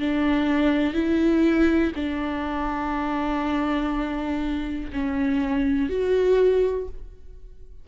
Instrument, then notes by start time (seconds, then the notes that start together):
viola
0.00 D4
0.94 E4
1.95 D4
4.93 C#4
5.90 F#4